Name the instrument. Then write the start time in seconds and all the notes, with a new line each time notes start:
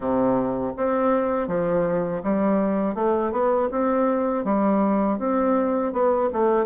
bassoon
0.00 C3
0.76 C4
1.47 F3
2.23 G3
2.95 A3
3.31 B3
3.71 C4
4.44 G3
5.19 C4
5.92 B3
6.32 A3